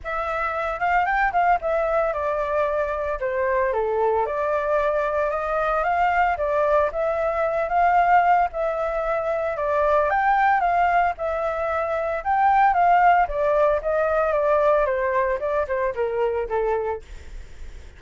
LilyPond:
\new Staff \with { instrumentName = "flute" } { \time 4/4 \tempo 4 = 113 e''4. f''8 g''8 f''8 e''4 | d''2 c''4 a'4 | d''2 dis''4 f''4 | d''4 e''4. f''4. |
e''2 d''4 g''4 | f''4 e''2 g''4 | f''4 d''4 dis''4 d''4 | c''4 d''8 c''8 ais'4 a'4 | }